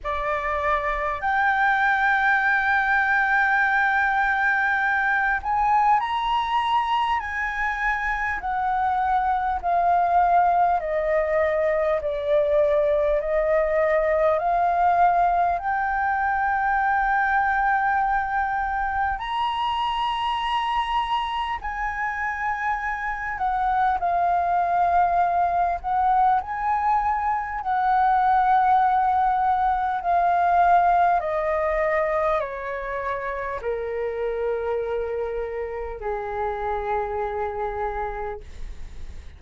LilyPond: \new Staff \with { instrumentName = "flute" } { \time 4/4 \tempo 4 = 50 d''4 g''2.~ | g''8 gis''8 ais''4 gis''4 fis''4 | f''4 dis''4 d''4 dis''4 | f''4 g''2. |
ais''2 gis''4. fis''8 | f''4. fis''8 gis''4 fis''4~ | fis''4 f''4 dis''4 cis''4 | ais'2 gis'2 | }